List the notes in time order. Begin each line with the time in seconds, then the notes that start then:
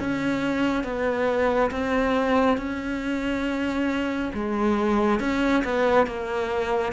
0.00 C#4
0.84 B3
1.71 C4
2.58 C#4
4.34 G#3
5.20 C#4
5.64 B3
6.07 A#3